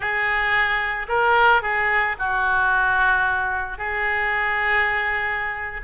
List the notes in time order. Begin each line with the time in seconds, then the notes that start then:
0.00 G#4
1.08 A#4
1.62 G#4
2.19 F#4
3.78 G#4